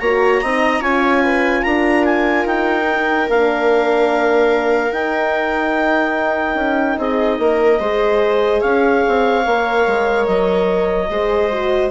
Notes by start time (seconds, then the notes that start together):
0.00 A#3 F#4 C#5 A#5
0.42 C4 D#4 D#5
0.80 C#4 F4 C#5 G#5
1.22 B4
1.63 D4 A#4 A#5
2.05 G#5
2.45 D#4 G5
2.91 D#4
3.29 A#3 D4 F5
4.91 D#4 G5
6.55 C#4
6.98 C4 G#4 D#5
7.39 A#3 A#4
7.80 G#3 G#4 C5
8.61 C#4 C#5 F5
9.08 C4
9.45 A#3 A#4
9.87 G#3
10.26 F#3 D#5
11.10 G#3 G#4 C5
11.52 F#4